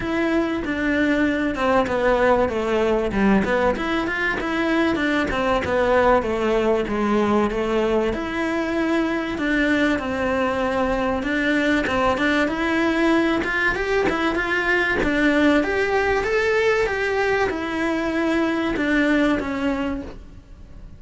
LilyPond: \new Staff \with { instrumentName = "cello" } { \time 4/4 \tempo 4 = 96 e'4 d'4. c'8 b4 | a4 g8 b8 e'8 f'8 e'4 | d'8 c'8 b4 a4 gis4 | a4 e'2 d'4 |
c'2 d'4 c'8 d'8 | e'4. f'8 g'8 e'8 f'4 | d'4 g'4 a'4 g'4 | e'2 d'4 cis'4 | }